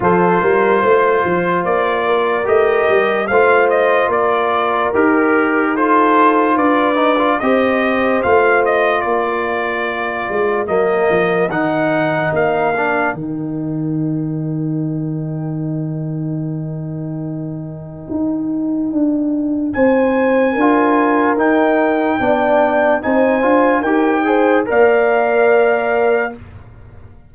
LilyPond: <<
  \new Staff \with { instrumentName = "trumpet" } { \time 4/4 \tempo 4 = 73 c''2 d''4 dis''4 | f''8 dis''8 d''4 ais'4 c''4 | d''4 dis''4 f''8 dis''8 d''4~ | d''4 dis''4 fis''4 f''4 |
g''1~ | g''1 | gis''2 g''2 | gis''4 g''4 f''2 | }
  \new Staff \with { instrumentName = "horn" } { \time 4/4 a'8 ais'8 c''4. ais'4. | c''4 ais'2 a'4 | b'4 c''2 ais'4~ | ais'1~ |
ais'1~ | ais'1 | c''4 ais'2 d''4 | c''4 ais'8 c''8 d''2 | }
  \new Staff \with { instrumentName = "trombone" } { \time 4/4 f'2. g'4 | f'2 g'4 f'4~ | f'8 dis'16 f'16 g'4 f'2~ | f'4 ais4 dis'4. d'8 |
dis'1~ | dis'1~ | dis'4 f'4 dis'4 d'4 | dis'8 f'8 g'8 gis'8 ais'2 | }
  \new Staff \with { instrumentName = "tuba" } { \time 4/4 f8 g8 a8 f8 ais4 a8 g8 | a4 ais4 dis'2 | d'4 c'4 a4 ais4~ | ais8 gis8 fis8 f8 dis4 ais4 |
dis1~ | dis2 dis'4 d'4 | c'4 d'4 dis'4 b4 | c'8 d'8 dis'4 ais2 | }
>>